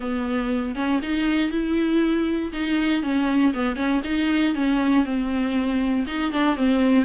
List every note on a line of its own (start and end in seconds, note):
0.00 0.75 B3
0.75 1.00 C#4
1.02 1.51 D#4
1.51 2.52 E4
2.52 3.03 D#4
3.03 3.53 C#4
3.53 3.76 B3
3.76 4.01 C#4
4.04 4.54 D#4
4.54 5.05 C#4
5.05 6.06 C4
6.06 6.32 D#4
6.32 6.56 D4
6.56 7.04 C4